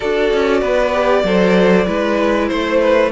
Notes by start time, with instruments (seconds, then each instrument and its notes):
0.00 cello D4, viola F#4, violin A4 D5
0.33 cello C#4
0.60 cello B3, violin B4
0.93 viola G4
1.23 cello F#3, viola A4, violin C5
1.86 cello G#3, viola E4, violin B4
2.48 cello A3, violin C5
2.80 violin B4